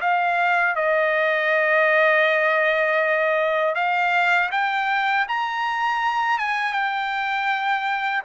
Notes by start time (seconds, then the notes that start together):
0.00 F5
0.75 D#5
3.75 F5
4.51 G5
5.28 A#5
6.38 G#5
6.72 G5